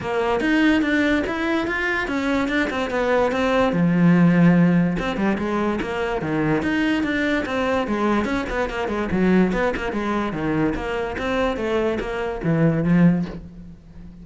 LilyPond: \new Staff \with { instrumentName = "cello" } { \time 4/4 \tempo 4 = 145 ais4 dis'4 d'4 e'4 | f'4 cis'4 d'8 c'8 b4 | c'4 f2. | c'8 g8 gis4 ais4 dis4 |
dis'4 d'4 c'4 gis4 | cis'8 b8 ais8 gis8 fis4 b8 ais8 | gis4 dis4 ais4 c'4 | a4 ais4 e4 f4 | }